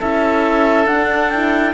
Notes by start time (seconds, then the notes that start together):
0.00 C#4 E4 A4 E5
0.87 D4 F#5
1.30 E4 G5